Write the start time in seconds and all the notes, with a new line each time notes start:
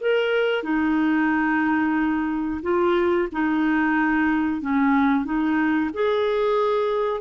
0.00 A#4
0.63 D#4
2.62 F4
3.32 D#4
4.61 C#4
5.24 D#4
5.93 G#4